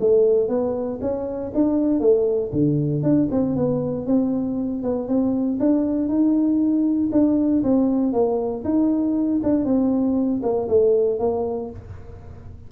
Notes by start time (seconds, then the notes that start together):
0.00 A3
0.48 B3
1.01 C#4
1.54 D4
2.00 A3
2.53 D3
3.03 D4
3.31 C4
3.56 B3
4.06 C4
4.83 B3
5.08 C4
5.60 D4
6.08 D#4
7.12 D4
7.63 C4
8.13 A#3
8.64 D#4
9.43 D4
9.65 C4
10.43 A#3
10.68 A3
11.19 A#3